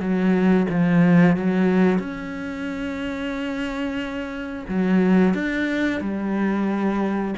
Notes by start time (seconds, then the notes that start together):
0.00 F#3
0.70 F3
1.37 F#3
1.99 C#4
4.68 F#3
5.34 D4
6.01 G3